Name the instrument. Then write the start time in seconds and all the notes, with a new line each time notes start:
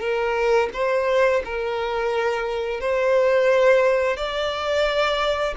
violin
0.00 A#4
0.73 C5
1.45 A#4
2.80 C5
4.16 D5